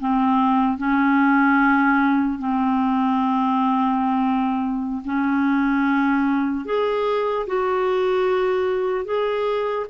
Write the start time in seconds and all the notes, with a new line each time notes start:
0.00 C4
0.78 C#4
2.39 C4
5.05 C#4
6.65 G#4
7.47 F#4
9.05 G#4